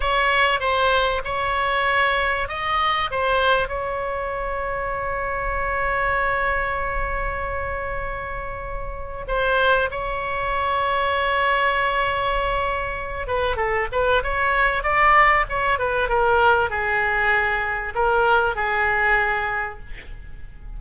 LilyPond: \new Staff \with { instrumentName = "oboe" } { \time 4/4 \tempo 4 = 97 cis''4 c''4 cis''2 | dis''4 c''4 cis''2~ | cis''1~ | cis''2. c''4 |
cis''1~ | cis''4. b'8 a'8 b'8 cis''4 | d''4 cis''8 b'8 ais'4 gis'4~ | gis'4 ais'4 gis'2 | }